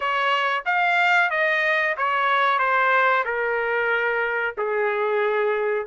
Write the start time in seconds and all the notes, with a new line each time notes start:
0.00 C#5
0.65 F5
1.30 D#5
1.97 C#5
2.58 C5
3.24 A#4
4.57 G#4